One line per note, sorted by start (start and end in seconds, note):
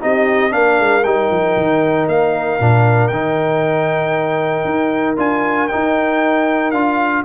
0.00 0.53 C4
0.00 0.50 D#4
0.00 0.53 G4
0.00 0.52 D#5
0.50 0.79 A#3
0.50 1.02 D4
0.50 7.24 A#4
0.50 1.04 F5
0.79 1.04 G#3
1.04 1.30 G3
1.04 2.60 D#4
1.04 2.07 G5
1.30 1.56 F3
1.56 2.07 D#3
2.07 2.59 A#3
2.07 3.08 F5
2.59 3.11 A#2
2.59 3.12 D4
3.08 4.64 D#3
3.08 5.16 D#4
3.08 5.14 G5
4.64 5.16 D#4
5.16 5.69 D4
5.16 5.68 F4
5.16 5.68 G#5
5.68 6.74 D#4
5.68 6.71 G5
5.74 6.72 D#4
6.71 7.23 D4
6.71 7.24 F4
6.71 7.23 F5